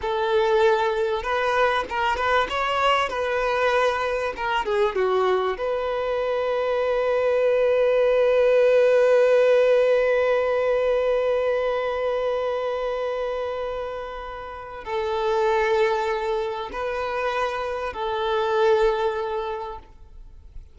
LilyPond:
\new Staff \with { instrumentName = "violin" } { \time 4/4 \tempo 4 = 97 a'2 b'4 ais'8 b'8 | cis''4 b'2 ais'8 gis'8 | fis'4 b'2.~ | b'1~ |
b'1~ | b'1 | a'2. b'4~ | b'4 a'2. | }